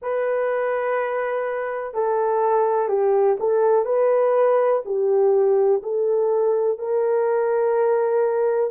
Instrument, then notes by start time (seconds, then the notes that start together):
horn
0.02 B4
1.94 A4
2.88 G4
3.39 A4
3.84 B4
4.85 G4
5.82 A4
6.78 A#4